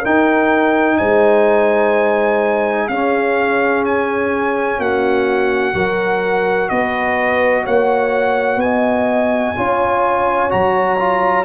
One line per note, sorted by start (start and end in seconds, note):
0.00 1.00 D#4
0.00 2.91 D#4
0.00 0.95 A#4
0.00 0.97 G5
0.97 2.89 G#3
0.97 2.89 C5
0.97 2.88 G#5
2.88 4.78 C#4
2.88 5.74 C#4
2.88 4.79 G#4
2.88 3.83 F5
3.85 4.80 G#5
4.78 5.74 A#3
4.78 5.74 F#4
4.78 6.69 F#5
5.74 6.69 F#3
5.74 9.55 F#4
5.74 6.69 A#4
6.69 7.66 B3
6.69 7.63 B4
6.69 7.64 D#5
7.63 8.56 A#3
7.63 8.59 C#5
7.63 8.60 F#5
8.56 9.51 B3
8.56 10.51 G#5
8.63 9.57 D#5
9.56 10.53 C#4
9.56 10.49 F4
9.56 11.44 C#5
10.49 11.44 F#3
10.49 10.97 F#4
10.49 11.44 A#5
10.99 11.44 F4